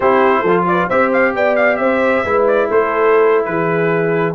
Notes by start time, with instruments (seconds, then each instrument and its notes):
0.00 tuba C4, trombone E4, horn G4, trumpet C5
0.41 tuba F3, horn A4
0.48 trombone F4
0.67 horn B4, trumpet D5
0.88 tuba C4, trombone G4, horn C5, trumpet E5
1.13 trumpet F5
1.35 tuba B3, horn D5, trumpet G5
1.55 trumpet F5
1.76 tuba C4, horn C5, trumpet E5
2.23 tuba G#3, trombone E4, horn B4
2.47 trumpet D5
2.67 tuba A3, horn A4, trumpet C5
3.44 tuba E3, horn G#4, trumpet B4